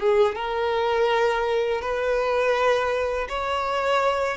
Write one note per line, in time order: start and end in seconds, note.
0.00 0.35 G#4
0.35 1.81 A#4
1.81 3.27 B4
3.29 4.37 C#5